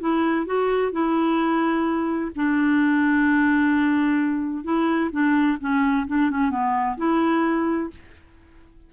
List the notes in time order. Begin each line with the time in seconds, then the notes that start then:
0.00 E4
0.46 F#4
0.92 E4
2.36 D4
4.64 E4
5.11 D4
5.60 C#4
6.07 D4
6.30 C#4
6.50 B3
6.97 E4